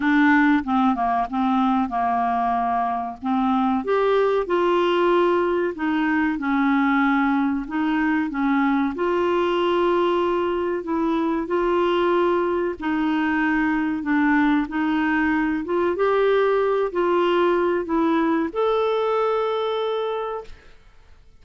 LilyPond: \new Staff \with { instrumentName = "clarinet" } { \time 4/4 \tempo 4 = 94 d'4 c'8 ais8 c'4 ais4~ | ais4 c'4 g'4 f'4~ | f'4 dis'4 cis'2 | dis'4 cis'4 f'2~ |
f'4 e'4 f'2 | dis'2 d'4 dis'4~ | dis'8 f'8 g'4. f'4. | e'4 a'2. | }